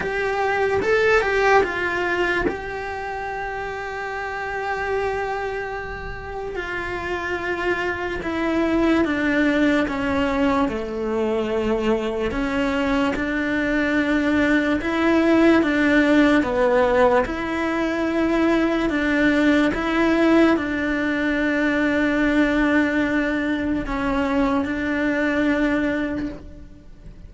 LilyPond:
\new Staff \with { instrumentName = "cello" } { \time 4/4 \tempo 4 = 73 g'4 a'8 g'8 f'4 g'4~ | g'1 | f'2 e'4 d'4 | cis'4 a2 cis'4 |
d'2 e'4 d'4 | b4 e'2 d'4 | e'4 d'2.~ | d'4 cis'4 d'2 | }